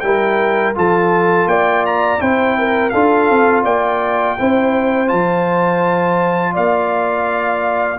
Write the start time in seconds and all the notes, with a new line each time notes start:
0.00 G3 E4 A#4 G5
0.74 F3 F4 A4 A5
1.45 A#3 D5 G5
1.86 A#5
2.18 C4 E4 C5 G5
2.58 A#4
2.89 D4 F4 A4 F5
3.29 C4
3.64 A#3 D5 G5
4.38 C4 E4 C5
5.07 F3 F4 A5
6.53 A#3 D5 F5